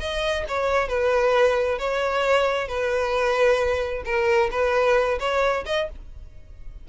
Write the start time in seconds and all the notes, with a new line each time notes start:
0.00 D#5
0.48 C#5
0.88 B4
1.79 C#5
2.68 B4
4.05 A#4
4.51 B4
5.19 C#5
5.66 D#5